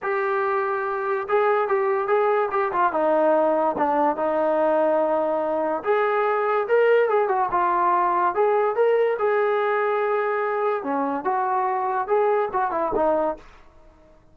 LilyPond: \new Staff \with { instrumentName = "trombone" } { \time 4/4 \tempo 4 = 144 g'2. gis'4 | g'4 gis'4 g'8 f'8 dis'4~ | dis'4 d'4 dis'2~ | dis'2 gis'2 |
ais'4 gis'8 fis'8 f'2 | gis'4 ais'4 gis'2~ | gis'2 cis'4 fis'4~ | fis'4 gis'4 fis'8 e'8 dis'4 | }